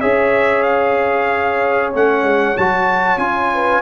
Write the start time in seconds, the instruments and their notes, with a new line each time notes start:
0.00 tuba C#4, trombone G#4, horn C#5, trumpet E5
0.62 trumpet F5
1.93 tuba A3, trombone C#4, trumpet F#5
2.23 tuba G#3
2.57 tuba F#3, trombone F#4, trumpet A5
3.17 tuba C#4, trombone F4, trumpet G#5
3.54 horn B4